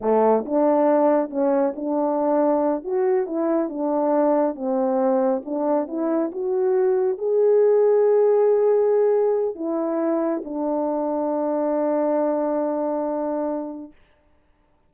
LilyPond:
\new Staff \with { instrumentName = "horn" } { \time 4/4 \tempo 4 = 138 a4 d'2 cis'4 | d'2~ d'8 fis'4 e'8~ | e'8 d'2 c'4.~ | c'8 d'4 e'4 fis'4.~ |
fis'8 gis'2.~ gis'8~ | gis'2 e'2 | d'1~ | d'1 | }